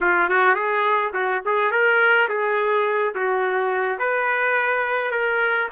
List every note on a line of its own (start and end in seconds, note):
0.01 0.29 F4
0.29 0.55 F#4
0.55 1.12 G#4
1.13 1.41 F#4
1.45 1.71 G#4
1.71 2.28 A#4
2.28 3.14 G#4
3.14 3.98 F#4
3.98 5.11 B4
5.11 5.68 A#4